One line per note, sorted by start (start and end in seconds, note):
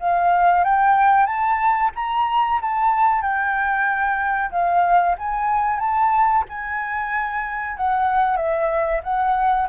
0.00 0.64 F5
0.64 1.26 G5
1.26 1.91 A5
1.96 2.60 A#5
2.62 3.22 A5
3.22 4.51 G5
4.51 5.16 F5
5.18 5.80 G#5
5.80 6.44 A5
6.49 7.77 G#5
7.77 8.37 F#5
8.37 9.01 E5
9.04 9.68 F#5